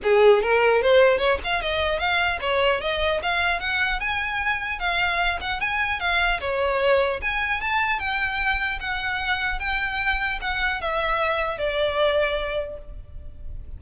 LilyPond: \new Staff \with { instrumentName = "violin" } { \time 4/4 \tempo 4 = 150 gis'4 ais'4 c''4 cis''8 f''8 | dis''4 f''4 cis''4 dis''4 | f''4 fis''4 gis''2 | f''4. fis''8 gis''4 f''4 |
cis''2 gis''4 a''4 | g''2 fis''2 | g''2 fis''4 e''4~ | e''4 d''2. | }